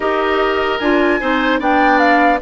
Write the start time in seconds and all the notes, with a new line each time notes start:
0.00 D#4 G4 A#4 D#5
0.78 D4 F4 G#5
1.20 C4 D#4 C5
1.59 B3 D4 D5 G5
1.98 F5